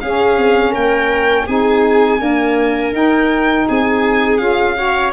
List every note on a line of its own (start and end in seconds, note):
0.00 0.37 C#4
0.00 1.48 C#4
0.00 0.71 G#4
0.00 0.73 F5
0.37 0.73 C4
0.71 1.47 A#3
0.71 1.44 A#4
0.71 1.47 G5
1.46 2.20 C4
1.46 2.18 D#4
1.46 2.19 G#4
1.46 2.93 G#5
2.18 2.91 A#3
2.18 2.92 D4
2.18 3.67 A#4
2.92 3.65 D#4
2.92 4.38 D#4
2.92 3.68 G5
3.68 4.39 C4
3.68 4.77 G#4
3.68 4.37 G#5
4.37 5.12 C#4
4.37 4.75 F4
4.37 5.11 F5
4.75 5.12 F#4
4.75 5.12 C#5